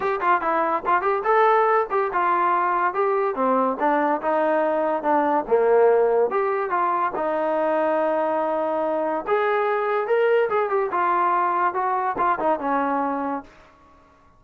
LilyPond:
\new Staff \with { instrumentName = "trombone" } { \time 4/4 \tempo 4 = 143 g'8 f'8 e'4 f'8 g'8 a'4~ | a'8 g'8 f'2 g'4 | c'4 d'4 dis'2 | d'4 ais2 g'4 |
f'4 dis'2.~ | dis'2 gis'2 | ais'4 gis'8 g'8 f'2 | fis'4 f'8 dis'8 cis'2 | }